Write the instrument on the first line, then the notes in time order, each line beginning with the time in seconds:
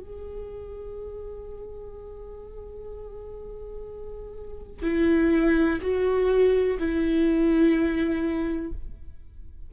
viola
0.00 G#4
4.82 E4
5.81 F#4
6.78 E4